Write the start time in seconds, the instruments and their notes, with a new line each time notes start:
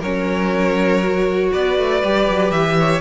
0.00 cello F#3, viola C#4, violin A#4 C#5
1.04 viola F#4
1.52 cello B3, violin B4 D5
1.78 cello A3
2.03 cello G3, viola G4
2.30 cello F#3
2.51 cello E3, violin E5
2.80 violin C#5